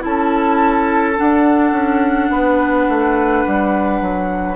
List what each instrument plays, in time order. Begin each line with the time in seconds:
0.00 bassoon C#4, clarinet E4, oboe A4, flute A5
1.16 clarinet D4, bassoon D4, flute F#5
1.72 bassoon C#4
2.30 bassoon B3, oboe B4
2.88 bassoon A3
3.46 bassoon G3
4.01 bassoon F#3